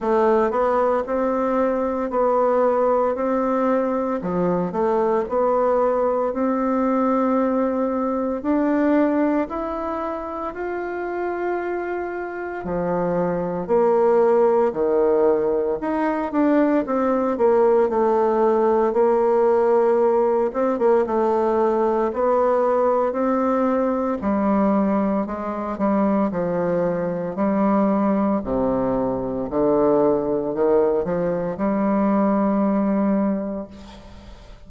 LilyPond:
\new Staff \with { instrumentName = "bassoon" } { \time 4/4 \tempo 4 = 57 a8 b8 c'4 b4 c'4 | f8 a8 b4 c'2 | d'4 e'4 f'2 | f4 ais4 dis4 dis'8 d'8 |
c'8 ais8 a4 ais4. c'16 ais16 | a4 b4 c'4 g4 | gis8 g8 f4 g4 c4 | d4 dis8 f8 g2 | }